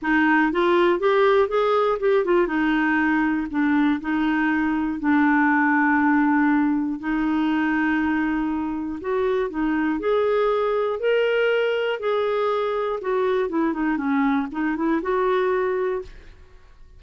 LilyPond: \new Staff \with { instrumentName = "clarinet" } { \time 4/4 \tempo 4 = 120 dis'4 f'4 g'4 gis'4 | g'8 f'8 dis'2 d'4 | dis'2 d'2~ | d'2 dis'2~ |
dis'2 fis'4 dis'4 | gis'2 ais'2 | gis'2 fis'4 e'8 dis'8 | cis'4 dis'8 e'8 fis'2 | }